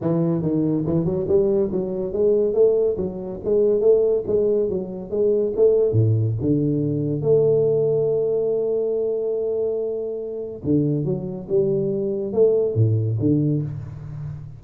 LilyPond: \new Staff \with { instrumentName = "tuba" } { \time 4/4 \tempo 4 = 141 e4 dis4 e8 fis8 g4 | fis4 gis4 a4 fis4 | gis4 a4 gis4 fis4 | gis4 a4 a,4 d4~ |
d4 a2.~ | a1~ | a4 d4 fis4 g4~ | g4 a4 a,4 d4 | }